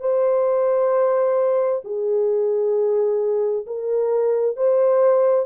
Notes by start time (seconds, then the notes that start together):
0.00 C5
1.84 G#4
3.66 A#4
4.56 C5